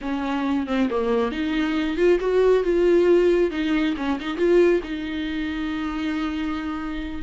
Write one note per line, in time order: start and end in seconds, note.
0.01 0.66 C#4
0.66 0.88 C4
0.90 1.31 A#3
1.31 1.96 D#4
1.96 2.18 F4
2.20 2.63 F#4
2.63 3.50 F4
3.50 3.94 D#4
3.96 4.18 C#4
4.19 4.37 D#4
4.37 4.81 F4
4.83 7.22 D#4